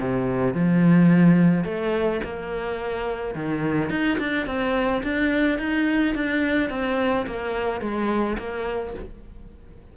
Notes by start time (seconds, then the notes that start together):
0.00 C3
0.54 F3
1.65 A3
2.24 A#3
3.35 D#3
3.90 D#4
4.19 D4
4.47 C4
5.04 D4
5.59 D#4
6.15 D4
6.70 C4
7.27 A#3
7.81 G#3
8.39 A#3